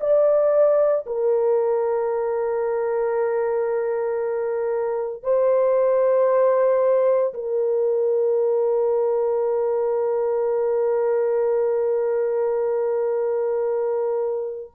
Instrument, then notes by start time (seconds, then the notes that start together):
horn
0.00 D5
1.06 A#4
5.23 C5
7.33 A#4